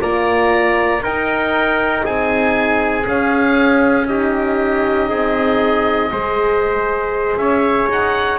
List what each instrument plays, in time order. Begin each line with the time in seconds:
0.00 double bass A#3, horn F4, trumpet D5, oboe A#5
1.02 double bass D#4, horn D#4, trumpet A#4, oboe G5
2.05 double bass C4, trumpet G#4, oboe G#5
3.04 horn C#4, double bass C#4, oboe F5
4.08 horn D#4, trumpet G4, oboe D#5
5.10 double bass C4, trumpet G#4
6.12 double bass G#3, horn G#4, trumpet C5
7.37 double bass C#4, trumpet C#5, oboe E5
7.89 double bass D#4, oboe F#5